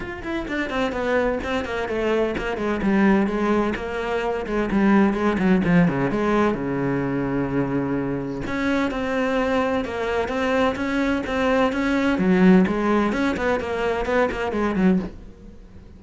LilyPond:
\new Staff \with { instrumentName = "cello" } { \time 4/4 \tempo 4 = 128 f'8 e'8 d'8 c'8 b4 c'8 ais8 | a4 ais8 gis8 g4 gis4 | ais4. gis8 g4 gis8 fis8 | f8 cis8 gis4 cis2~ |
cis2 cis'4 c'4~ | c'4 ais4 c'4 cis'4 | c'4 cis'4 fis4 gis4 | cis'8 b8 ais4 b8 ais8 gis8 fis8 | }